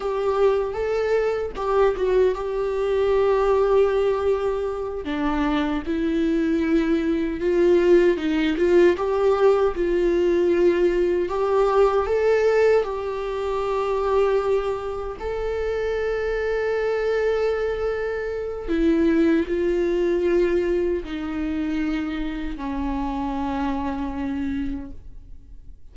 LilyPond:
\new Staff \with { instrumentName = "viola" } { \time 4/4 \tempo 4 = 77 g'4 a'4 g'8 fis'8 g'4~ | g'2~ g'8 d'4 e'8~ | e'4. f'4 dis'8 f'8 g'8~ | g'8 f'2 g'4 a'8~ |
a'8 g'2. a'8~ | a'1 | e'4 f'2 dis'4~ | dis'4 cis'2. | }